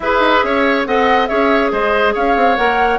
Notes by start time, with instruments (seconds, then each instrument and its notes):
0.00 bassoon E4, clarinet G#4, oboe B4, flute E5
0.19 bassoon D#4
0.43 bassoon C#4, oboe C#5
0.85 bassoon C4, clarinet A4, oboe D#5, flute F#5
1.26 bassoon C#4, clarinet G#4, oboe C#5, flute E5
1.71 bassoon G#3, oboe C5, flute D#5
2.13 bassoon C#4, oboe C#5, flute F5
2.36 bassoon C4
2.56 bassoon A#3, clarinet A#4, flute F#5